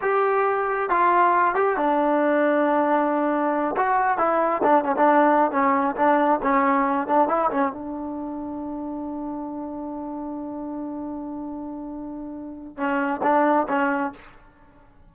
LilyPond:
\new Staff \with { instrumentName = "trombone" } { \time 4/4 \tempo 4 = 136 g'2 f'4. g'8 | d'1~ | d'8 fis'4 e'4 d'8 cis'16 d'8.~ | d'8 cis'4 d'4 cis'4. |
d'8 e'8 cis'8 d'2~ d'8~ | d'1~ | d'1~ | d'4 cis'4 d'4 cis'4 | }